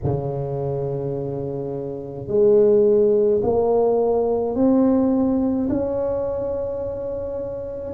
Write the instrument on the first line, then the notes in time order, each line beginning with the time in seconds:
tuba
0.03 C#3
2.27 G#3
3.43 A#3
4.55 C4
5.69 C#4